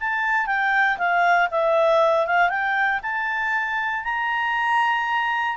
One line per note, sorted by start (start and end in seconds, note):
0.00 0.46 A5
0.46 0.97 G5
0.98 1.49 F5
1.51 2.26 E5
2.26 2.49 F5
2.49 3.00 G5
3.02 4.04 A5
4.04 5.57 A#5